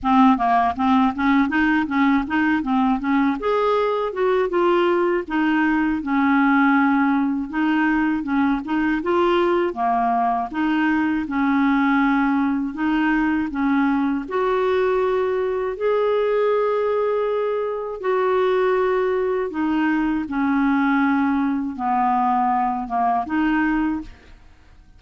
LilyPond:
\new Staff \with { instrumentName = "clarinet" } { \time 4/4 \tempo 4 = 80 c'8 ais8 c'8 cis'8 dis'8 cis'8 dis'8 c'8 | cis'8 gis'4 fis'8 f'4 dis'4 | cis'2 dis'4 cis'8 dis'8 | f'4 ais4 dis'4 cis'4~ |
cis'4 dis'4 cis'4 fis'4~ | fis'4 gis'2. | fis'2 dis'4 cis'4~ | cis'4 b4. ais8 dis'4 | }